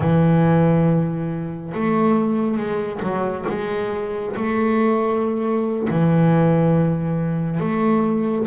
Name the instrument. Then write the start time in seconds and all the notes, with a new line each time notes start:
double bass
0.00 E3
1.74 A3
2.57 G#3
3.02 F#3
3.48 G#3
4.36 A3
5.90 E3
7.59 A3